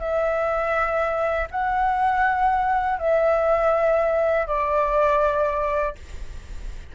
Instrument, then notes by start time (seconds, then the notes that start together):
flute
0.00 E5
1.51 F#5
2.99 E5
4.47 D5